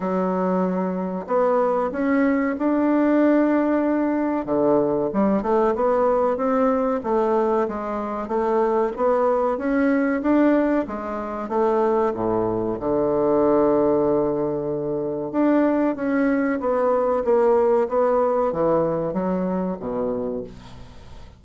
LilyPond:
\new Staff \with { instrumentName = "bassoon" } { \time 4/4 \tempo 4 = 94 fis2 b4 cis'4 | d'2. d4 | g8 a8 b4 c'4 a4 | gis4 a4 b4 cis'4 |
d'4 gis4 a4 a,4 | d1 | d'4 cis'4 b4 ais4 | b4 e4 fis4 b,4 | }